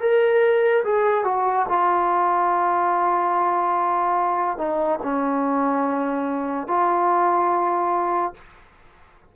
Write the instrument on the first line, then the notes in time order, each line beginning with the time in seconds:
trombone
0.00 A#4
0.84 G#4
1.24 F#4
1.68 F4
4.57 D#4
5.02 C#4
6.67 F4